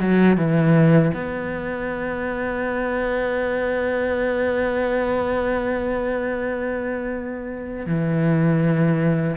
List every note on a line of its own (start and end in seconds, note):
0.00 0.37 F#3
0.37 1.12 E3
1.14 7.86 B3
7.86 9.36 E3